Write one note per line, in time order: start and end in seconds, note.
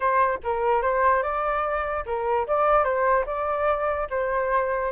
0.00 0.38 C5
0.43 0.82 A#4
0.82 1.22 C5
1.22 2.04 D5
2.06 2.46 A#4
2.47 2.84 D5
2.84 3.24 C5
3.26 4.07 D5
4.10 4.91 C5